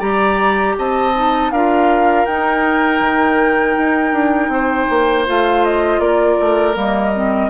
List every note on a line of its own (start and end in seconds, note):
0.00 0.76 G3
0.00 1.13 G4
0.00 0.75 D5
0.00 0.76 A#5
0.78 1.51 C4
0.78 1.52 D#5
0.78 1.52 A5
1.15 1.52 D#4
1.51 2.26 D4
1.51 2.27 F4
1.51 4.52 A#4
1.51 2.26 F5
2.26 3.01 D#4
2.26 5.27 D#4
2.26 5.26 G5
3.01 3.76 D#3
3.79 4.13 D#4
4.13 4.49 D4
4.49 4.86 C4
4.49 6.02 C5
4.90 5.28 A#3
5.27 6.00 A3
5.27 6.74 F4
5.27 5.65 F5
5.65 6.01 D#5
6.00 6.37 A#3
6.00 7.50 A#4
6.00 6.76 D5
6.41 6.76 A3
6.74 7.50 G3
6.74 7.12 A#3
6.74 7.50 D#5
7.16 7.50 C4